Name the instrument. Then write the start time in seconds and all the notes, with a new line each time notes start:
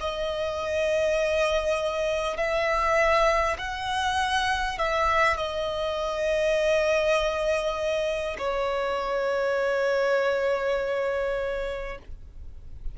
violin
0.00 D#5
2.37 E5
3.58 F#5
4.78 E5
5.37 D#5
8.38 C#5